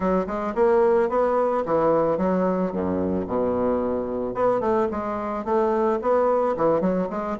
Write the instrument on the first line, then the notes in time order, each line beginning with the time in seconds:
bassoon
0.00 F#3
0.26 G#3
0.54 A#3
1.09 B3
1.65 E3
2.17 F#3
2.72 F#2
3.27 B2
4.34 B3
4.60 A3
4.91 G#3
5.44 A3
6.01 B3
6.56 E3
6.80 F#3
7.09 G#3